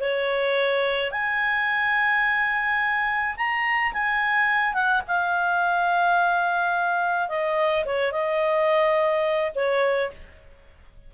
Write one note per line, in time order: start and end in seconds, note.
0.00 1.11 C#5
1.11 3.36 G#5
3.36 3.92 A#5
3.93 4.74 G#5
4.74 5.02 F#5
5.07 7.28 F5
7.28 7.84 D#5
7.85 8.12 C#5
8.12 9.52 D#5
9.55 10.11 C#5